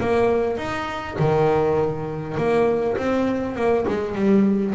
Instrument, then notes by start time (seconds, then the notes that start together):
double bass
0.00 A#3
0.58 D#4
1.19 D#3
2.37 A#3
2.97 C4
3.56 A#3
3.88 G#3
4.15 G3